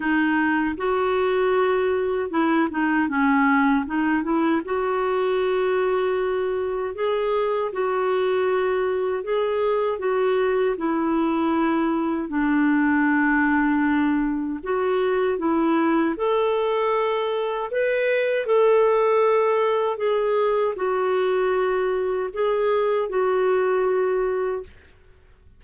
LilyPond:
\new Staff \with { instrumentName = "clarinet" } { \time 4/4 \tempo 4 = 78 dis'4 fis'2 e'8 dis'8 | cis'4 dis'8 e'8 fis'2~ | fis'4 gis'4 fis'2 | gis'4 fis'4 e'2 |
d'2. fis'4 | e'4 a'2 b'4 | a'2 gis'4 fis'4~ | fis'4 gis'4 fis'2 | }